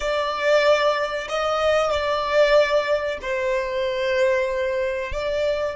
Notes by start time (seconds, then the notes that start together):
0.00 D5
1.29 D#5
1.90 D5
3.21 C5
5.12 D5